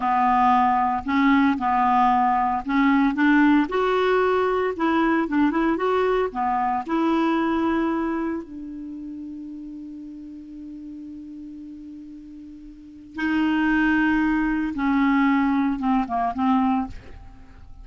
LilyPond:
\new Staff \with { instrumentName = "clarinet" } { \time 4/4 \tempo 4 = 114 b2 cis'4 b4~ | b4 cis'4 d'4 fis'4~ | fis'4 e'4 d'8 e'8 fis'4 | b4 e'2. |
d'1~ | d'1~ | d'4 dis'2. | cis'2 c'8 ais8 c'4 | }